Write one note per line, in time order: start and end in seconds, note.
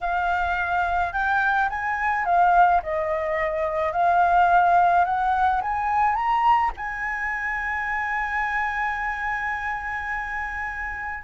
0.01 1.12 F5
1.12 1.68 G5
1.69 2.25 G#5
2.25 2.81 F5
2.83 3.92 D#5
3.92 5.04 F5
5.05 5.61 F#5
5.61 6.15 G#5
6.15 6.71 A#5
6.76 11.23 G#5